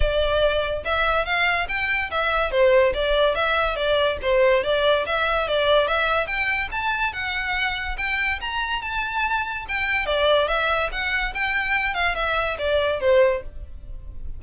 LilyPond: \new Staff \with { instrumentName = "violin" } { \time 4/4 \tempo 4 = 143 d''2 e''4 f''4 | g''4 e''4 c''4 d''4 | e''4 d''4 c''4 d''4 | e''4 d''4 e''4 g''4 |
a''4 fis''2 g''4 | ais''4 a''2 g''4 | d''4 e''4 fis''4 g''4~ | g''8 f''8 e''4 d''4 c''4 | }